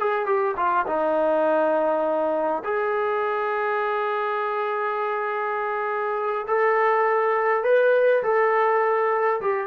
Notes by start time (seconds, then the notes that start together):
0.00 G#4
0.26 G4
0.57 F4
0.87 D#4
2.64 G#4
6.48 A4
7.64 B4
8.23 A4
9.41 G4